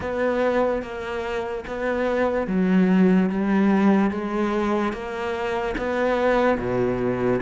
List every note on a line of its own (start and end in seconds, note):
0.00 0.82 B3
0.82 1.64 A#3
1.67 2.47 B3
2.47 3.29 F#3
3.29 4.11 G3
4.11 4.92 G#3
4.92 5.75 A#3
5.77 6.58 B3
6.58 7.40 B2